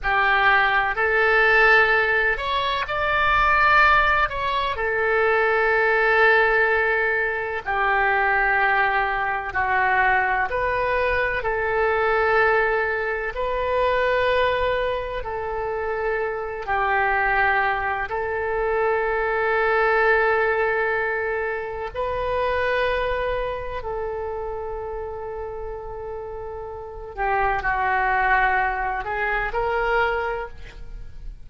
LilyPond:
\new Staff \with { instrumentName = "oboe" } { \time 4/4 \tempo 4 = 63 g'4 a'4. cis''8 d''4~ | d''8 cis''8 a'2. | g'2 fis'4 b'4 | a'2 b'2 |
a'4. g'4. a'4~ | a'2. b'4~ | b'4 a'2.~ | a'8 g'8 fis'4. gis'8 ais'4 | }